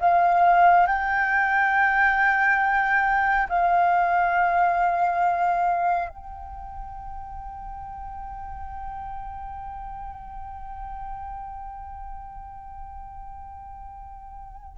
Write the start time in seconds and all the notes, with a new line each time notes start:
0.00 F5
0.87 G5
3.49 F5
6.09 G5